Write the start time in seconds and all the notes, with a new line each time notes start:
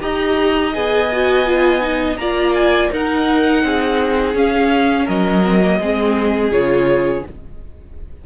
0.00 D#4 G4 D#5 A#5
0.73 B3 G#4 G#5
1.12 F#4
1.45 F4
1.81 D#4
2.16 A#3 F4 D5 A#5
2.54 G#5
2.91 D#4 A#4 F#5
3.63 C4 G#4
4.34 C#4 F5
5.05 F#3 A#4 D#5
5.44 C4
5.61 A#3
5.79 G#3 C4 G#4
6.51 C#3 F4 C#5